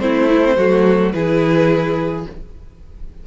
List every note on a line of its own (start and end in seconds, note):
0.00 0.57 A3
0.00 0.28 C4
0.00 0.57 E4
0.00 1.12 C5
0.29 0.43 E4
0.44 0.58 C4
0.57 1.13 F#3
0.57 1.13 A3
0.57 1.13 F#4
1.12 2.27 E3
1.12 2.26 E4
1.12 2.27 G#4
1.12 2.24 B4